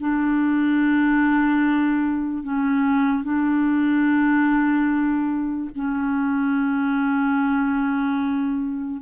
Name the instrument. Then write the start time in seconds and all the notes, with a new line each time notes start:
clarinet
0.00 D4
2.43 C#4
3.24 D4
5.75 C#4